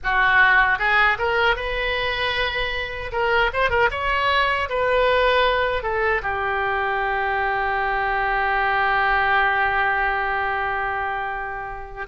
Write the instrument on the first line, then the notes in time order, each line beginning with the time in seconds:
oboe
0.03 F#4
0.78 G#4
1.18 A#4
1.55 B4
3.12 A#4
3.53 C5
3.70 A#4
3.90 C#5
4.69 B4
5.82 A4
6.22 G4